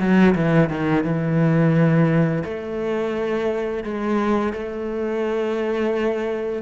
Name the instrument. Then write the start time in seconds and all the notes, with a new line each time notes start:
cello
0.00 F#3
0.35 E3
0.69 D#3
1.04 E3
2.45 A3
3.84 G#3
4.53 A3